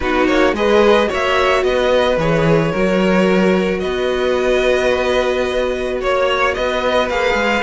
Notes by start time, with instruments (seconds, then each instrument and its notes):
0.00 cello B3, viola D#4, violin F#4 B4
0.27 cello A#3, violin C#5
0.52 cello G#3, viola G#4, violin B4 D#5
1.06 cello A#3, viola F#4, violin C#5
1.13 violin E5
1.63 cello B3, violin B4 D#5
2.17 cello E3, viola G#4, violin C#5
2.71 cello F#3, viola F#4, violin A#4
3.79 cello B3, violin B4 D#5
6.00 cello A#3, violin C#5
6.54 cello B3, violin B4 D#5
7.09 cello A#3, viola G#4, violin F5
7.34 cello G#3